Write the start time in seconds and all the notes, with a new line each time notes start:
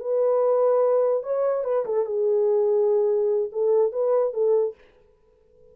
0.00 B4
1.23 C#5
1.65 B4
1.86 A4
2.06 G#4
3.52 A4
3.93 B4
4.34 A4